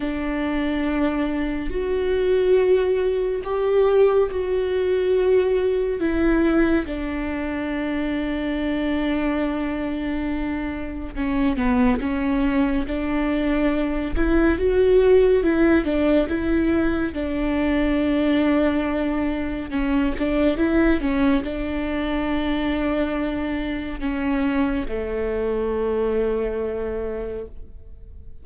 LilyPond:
\new Staff \with { instrumentName = "viola" } { \time 4/4 \tempo 4 = 70 d'2 fis'2 | g'4 fis'2 e'4 | d'1~ | d'4 cis'8 b8 cis'4 d'4~ |
d'8 e'8 fis'4 e'8 d'8 e'4 | d'2. cis'8 d'8 | e'8 cis'8 d'2. | cis'4 a2. | }